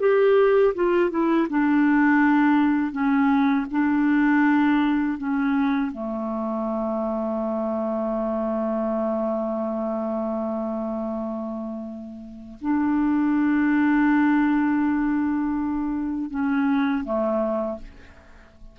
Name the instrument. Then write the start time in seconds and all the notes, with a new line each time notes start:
clarinet
0.00 G4
0.75 F4
1.10 E4
1.49 D4
2.92 C#4
3.71 D4
5.18 C#4
5.92 A3
12.61 D4
16.30 C#4
17.04 A3